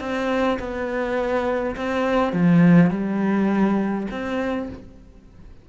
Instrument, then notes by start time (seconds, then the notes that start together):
cello
0.00 C4
0.59 B3
1.76 C4
2.33 F3
2.90 G3
4.10 C4